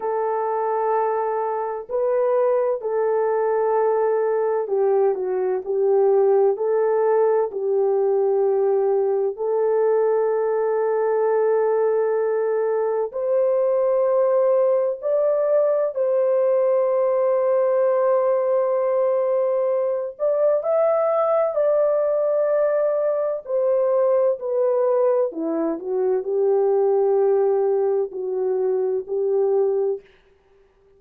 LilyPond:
\new Staff \with { instrumentName = "horn" } { \time 4/4 \tempo 4 = 64 a'2 b'4 a'4~ | a'4 g'8 fis'8 g'4 a'4 | g'2 a'2~ | a'2 c''2 |
d''4 c''2.~ | c''4. d''8 e''4 d''4~ | d''4 c''4 b'4 e'8 fis'8 | g'2 fis'4 g'4 | }